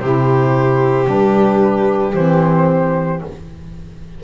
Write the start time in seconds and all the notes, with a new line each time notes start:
0.00 C3 E4 G4 C5
1.05 G3 D4 B4
2.15 E3 C4 C5